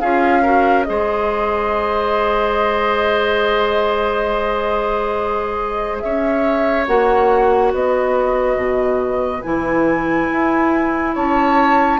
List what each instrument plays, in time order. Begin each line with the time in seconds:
0.00 bassoon C#4, clarinet F4, oboe G#4, flute F5
0.42 clarinet F#4, oboe A#4
0.84 bassoon G#3, clarinet G#4, oboe C5, flute D#5
6.00 bassoon C#4, oboe C#5, flute E5
6.87 bassoon A#3, clarinet F#4, flute F#5
7.73 bassoon B3, oboe B4, flute D#5
8.56 bassoon B2
9.42 bassoon E3, clarinet E4, flute G#5
10.31 bassoon E4
11.14 bassoon C#4, oboe C#5, flute A5